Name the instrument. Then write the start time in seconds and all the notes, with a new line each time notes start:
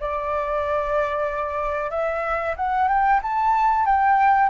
flute
0.00 D5
1.90 E5
2.56 F#5
2.88 G5
3.22 A5
3.85 G5